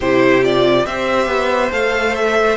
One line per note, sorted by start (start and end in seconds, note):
0.00 0.86 C3
0.00 0.43 E4
0.00 0.85 G4
0.00 0.43 C5
0.43 0.86 F4
0.43 0.86 D5
0.86 1.27 C4
0.86 1.71 G4
0.86 2.56 C5
0.86 1.71 E5
1.27 1.70 B3
1.71 2.56 A3
1.71 2.56 A4
1.71 2.15 F5
2.15 2.56 E5